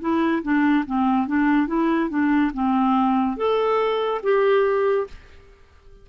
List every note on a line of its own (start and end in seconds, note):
0.00 0.42 E4
0.42 0.85 D4
0.86 1.27 C4
1.27 1.67 D4
1.67 2.09 E4
2.09 2.51 D4
2.53 3.36 C4
3.36 4.21 A4
4.23 5.07 G4